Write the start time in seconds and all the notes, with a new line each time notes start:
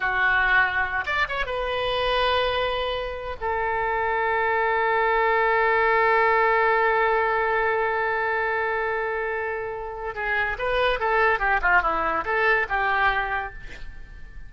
0.00 F#4
1.06 D5
1.28 C#5
1.46 B4
3.41 A4
10.14 G#4
10.58 B4
10.99 A4
11.39 G4
11.61 F4
11.82 E4
12.24 A4
12.68 G4